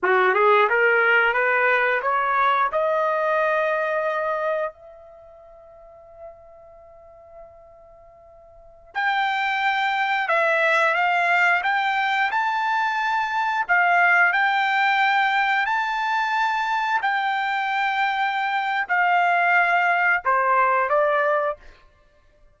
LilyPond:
\new Staff \with { instrumentName = "trumpet" } { \time 4/4 \tempo 4 = 89 fis'8 gis'8 ais'4 b'4 cis''4 | dis''2. e''4~ | e''1~ | e''4~ e''16 g''2 e''8.~ |
e''16 f''4 g''4 a''4.~ a''16~ | a''16 f''4 g''2 a''8.~ | a''4~ a''16 g''2~ g''8. | f''2 c''4 d''4 | }